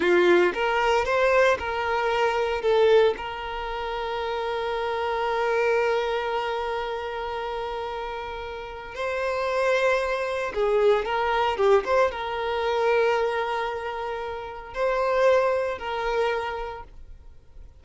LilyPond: \new Staff \with { instrumentName = "violin" } { \time 4/4 \tempo 4 = 114 f'4 ais'4 c''4 ais'4~ | ais'4 a'4 ais'2~ | ais'1~ | ais'1~ |
ais'4 c''2. | gis'4 ais'4 g'8 c''8 ais'4~ | ais'1 | c''2 ais'2 | }